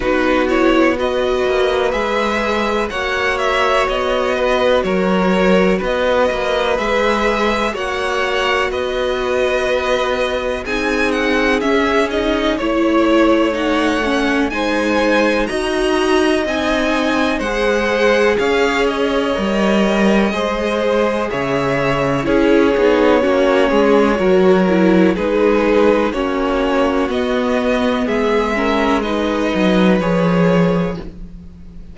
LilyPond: <<
  \new Staff \with { instrumentName = "violin" } { \time 4/4 \tempo 4 = 62 b'8 cis''8 dis''4 e''4 fis''8 e''8 | dis''4 cis''4 dis''4 e''4 | fis''4 dis''2 gis''8 fis''8 | e''8 dis''8 cis''4 fis''4 gis''4 |
ais''4 gis''4 fis''4 f''8 dis''8~ | dis''2 e''4 cis''4~ | cis''2 b'4 cis''4 | dis''4 e''4 dis''4 cis''4 | }
  \new Staff \with { instrumentName = "violin" } { \time 4/4 fis'4 b'2 cis''4~ | cis''8 b'8 ais'4 b'2 | cis''4 b'2 gis'4~ | gis'4 cis''2 c''4 |
dis''2 c''4 cis''4~ | cis''4 c''4 cis''4 gis'4 | fis'8 gis'8 ais'4 gis'4 fis'4~ | fis'4 gis'8 ais'8 b'2 | }
  \new Staff \with { instrumentName = "viola" } { \time 4/4 dis'8 e'8 fis'4 gis'4 fis'4~ | fis'2. gis'4 | fis'2. dis'4 | cis'8 dis'8 e'4 dis'8 cis'8 dis'4 |
fis'4 dis'4 gis'2 | ais'4 gis'2 e'8 dis'8 | cis'4 fis'8 e'8 dis'4 cis'4 | b4. cis'8 dis'4 gis'4 | }
  \new Staff \with { instrumentName = "cello" } { \time 4/4 b4. ais8 gis4 ais4 | b4 fis4 b8 ais8 gis4 | ais4 b2 c'4 | cis'4 a2 gis4 |
dis'4 c'4 gis4 cis'4 | g4 gis4 cis4 cis'8 b8 | ais8 gis8 fis4 gis4 ais4 | b4 gis4. fis8 f4 | }
>>